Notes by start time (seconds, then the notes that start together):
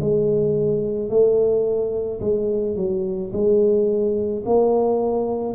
0.00 G#3
1.09 A3
2.20 G#3
2.76 F#3
3.32 G#3
4.45 A#3